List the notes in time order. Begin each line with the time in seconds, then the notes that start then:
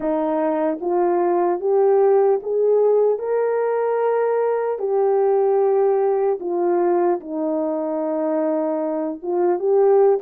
0.00 D#4
0.80 F4
1.60 G4
2.42 G#4
3.19 A#4
4.78 G4
6.40 F4
7.20 D#4
9.22 F4
9.59 G4